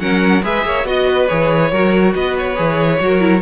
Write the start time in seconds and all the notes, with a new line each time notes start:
0.00 F#3 C#4 A#4 F#5
0.43 G#3 G#4 B4 E5
0.65 A#3 C#5
0.85 B3 F#4 D#5
1.08 B4
1.28 E3 G#4 C#5
1.71 F#3 F#4 A#4
2.15 B3 B4 D#5
2.39 C#5
2.56 E3 G#4
3.00 F#3 F#4 A#4
3.20 E4